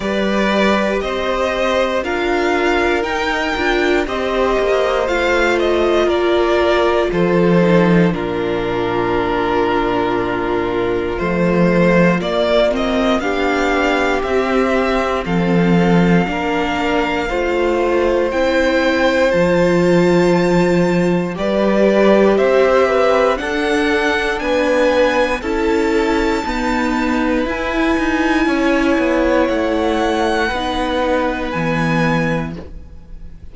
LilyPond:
<<
  \new Staff \with { instrumentName = "violin" } { \time 4/4 \tempo 4 = 59 d''4 dis''4 f''4 g''4 | dis''4 f''8 dis''8 d''4 c''4 | ais'2. c''4 | d''8 dis''8 f''4 e''4 f''4~ |
f''2 g''4 a''4~ | a''4 d''4 e''4 fis''4 | gis''4 a''2 gis''4~ | gis''4 fis''2 gis''4 | }
  \new Staff \with { instrumentName = "violin" } { \time 4/4 b'4 c''4 ais'2 | c''2 ais'4 a'4 | f'1~ | f'4 g'2 a'4 |
ais'4 c''2.~ | c''4 b'4 c''8 b'8 a'4 | b'4 a'4 b'2 | cis''2 b'2 | }
  \new Staff \with { instrumentName = "viola" } { \time 4/4 g'2 f'4 dis'8 f'8 | g'4 f'2~ f'8 dis'8 | d'2. a4 | ais8 c'8 d'4 c'2 |
d'4 f'4 e'4 f'4~ | f'4 g'2 d'4~ | d'4 e'4 b4 e'4~ | e'2 dis'4 b4 | }
  \new Staff \with { instrumentName = "cello" } { \time 4/4 g4 c'4 d'4 dis'8 d'8 | c'8 ais8 a4 ais4 f4 | ais,2. f4 | ais4 b4 c'4 f4 |
ais4 a4 c'4 f4~ | f4 g4 c'4 d'4 | b4 cis'4 dis'4 e'8 dis'8 | cis'8 b8 a4 b4 e4 | }
>>